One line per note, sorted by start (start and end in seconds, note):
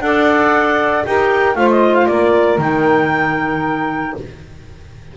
0.00 1.03 D4
0.00 1.04 A4
0.00 1.06 D5
0.00 1.04 F#5
1.05 1.55 D#4
1.05 1.55 G4
1.05 1.57 A#4
1.05 1.55 G5
1.55 2.06 A3
1.55 2.59 F4
1.55 2.09 C5
1.55 1.68 F5
1.70 1.95 D#5
1.95 2.06 F5
2.06 2.58 A#3
2.06 4.17 A#4
2.06 2.58 D5
2.58 4.13 D#3
2.58 4.14 D#4
2.58 4.16 G5